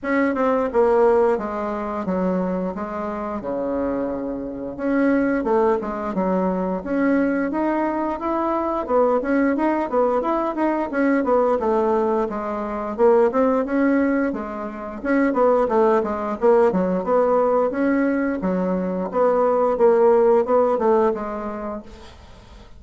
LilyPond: \new Staff \with { instrumentName = "bassoon" } { \time 4/4 \tempo 4 = 88 cis'8 c'8 ais4 gis4 fis4 | gis4 cis2 cis'4 | a8 gis8 fis4 cis'4 dis'4 | e'4 b8 cis'8 dis'8 b8 e'8 dis'8 |
cis'8 b8 a4 gis4 ais8 c'8 | cis'4 gis4 cis'8 b8 a8 gis8 | ais8 fis8 b4 cis'4 fis4 | b4 ais4 b8 a8 gis4 | }